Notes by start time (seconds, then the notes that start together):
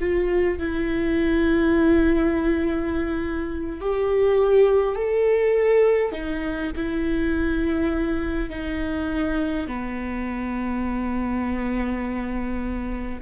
0.00 F4
0.59 E4
3.81 G4
4.96 A4
6.12 D#4
6.76 E4
8.49 D#4
9.67 B3